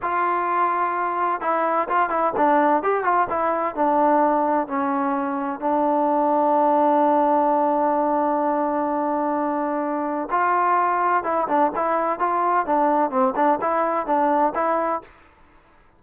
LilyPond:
\new Staff \with { instrumentName = "trombone" } { \time 4/4 \tempo 4 = 128 f'2. e'4 | f'8 e'8 d'4 g'8 f'8 e'4 | d'2 cis'2 | d'1~ |
d'1~ | d'2 f'2 | e'8 d'8 e'4 f'4 d'4 | c'8 d'8 e'4 d'4 e'4 | }